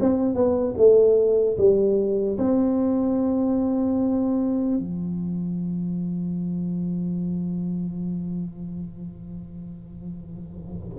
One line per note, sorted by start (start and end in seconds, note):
0.00 0.34 C4
0.34 0.74 B3
0.77 1.57 A3
1.57 2.37 G3
2.38 4.77 C4
4.77 10.97 F3